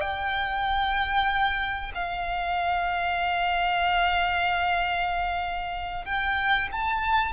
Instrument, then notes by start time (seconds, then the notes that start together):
violin
0.00 G5
1.94 F5
6.05 G5
6.72 A5